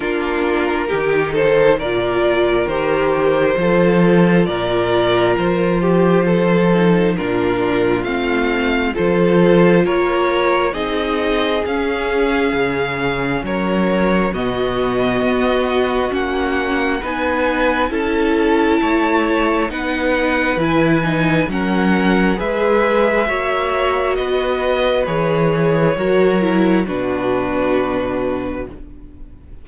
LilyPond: <<
  \new Staff \with { instrumentName = "violin" } { \time 4/4 \tempo 4 = 67 ais'4. c''8 d''4 c''4~ | c''4 d''4 c''2 | ais'4 f''4 c''4 cis''4 | dis''4 f''2 cis''4 |
dis''2 fis''4 gis''4 | a''2 fis''4 gis''4 | fis''4 e''2 dis''4 | cis''2 b'2 | }
  \new Staff \with { instrumentName = "violin" } { \time 4/4 f'4 g'8 a'8 ais'2 | a'4 ais'4. g'8 a'4 | f'2 a'4 ais'4 | gis'2. ais'4 |
fis'2. b'4 | a'4 cis''4 b'2 | ais'4 b'4 cis''4 b'4~ | b'4 ais'4 fis'2 | }
  \new Staff \with { instrumentName = "viola" } { \time 4/4 d'4 dis'4 f'4 g'4 | f'2.~ f'8 dis'8 | d'4 c'4 f'2 | dis'4 cis'2. |
b2 cis'4 dis'4 | e'2 dis'4 e'8 dis'8 | cis'4 gis'4 fis'2 | gis'4 fis'8 e'8 d'2 | }
  \new Staff \with { instrumentName = "cello" } { \time 4/4 ais4 dis4 ais,4 dis4 | f4 ais,4 f2 | ais,4 a4 f4 ais4 | c'4 cis'4 cis4 fis4 |
b,4 b4 ais4 b4 | cis'4 a4 b4 e4 | fis4 gis4 ais4 b4 | e4 fis4 b,2 | }
>>